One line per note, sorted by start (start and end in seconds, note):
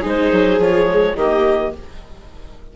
0.00 0.31 G#3
0.00 0.58 D#4
0.00 1.12 G#4
0.00 0.61 C5
0.31 0.58 F#3
0.58 1.14 F3
0.58 0.86 F4
0.58 1.16 C#5
0.86 1.14 G#3
1.16 1.72 D#3
1.16 1.75 A#3
1.16 1.73 G4
1.16 1.72 D#5